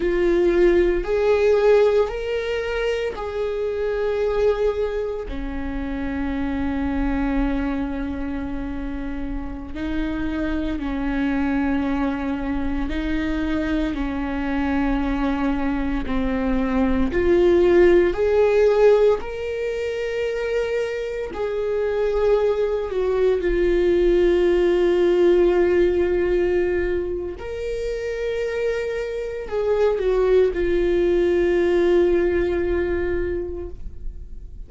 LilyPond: \new Staff \with { instrumentName = "viola" } { \time 4/4 \tempo 4 = 57 f'4 gis'4 ais'4 gis'4~ | gis'4 cis'2.~ | cis'4~ cis'16 dis'4 cis'4.~ cis'16~ | cis'16 dis'4 cis'2 c'8.~ |
c'16 f'4 gis'4 ais'4.~ ais'16~ | ais'16 gis'4. fis'8 f'4.~ f'16~ | f'2 ais'2 | gis'8 fis'8 f'2. | }